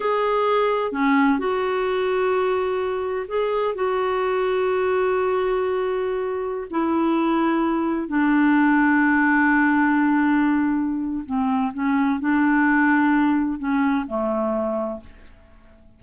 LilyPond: \new Staff \with { instrumentName = "clarinet" } { \time 4/4 \tempo 4 = 128 gis'2 cis'4 fis'4~ | fis'2. gis'4 | fis'1~ | fis'2~ fis'16 e'4.~ e'16~ |
e'4~ e'16 d'2~ d'8.~ | d'1 | c'4 cis'4 d'2~ | d'4 cis'4 a2 | }